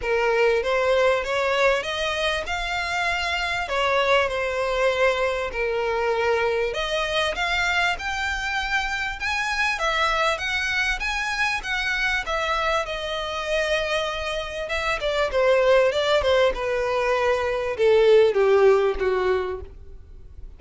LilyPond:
\new Staff \with { instrumentName = "violin" } { \time 4/4 \tempo 4 = 98 ais'4 c''4 cis''4 dis''4 | f''2 cis''4 c''4~ | c''4 ais'2 dis''4 | f''4 g''2 gis''4 |
e''4 fis''4 gis''4 fis''4 | e''4 dis''2. | e''8 d''8 c''4 d''8 c''8 b'4~ | b'4 a'4 g'4 fis'4 | }